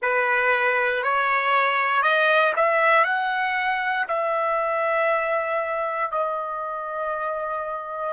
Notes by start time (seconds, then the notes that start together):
0.02 B4
1.03 C#5
2.02 D#5
2.56 E5
3.04 F#5
4.08 E5
6.11 D#5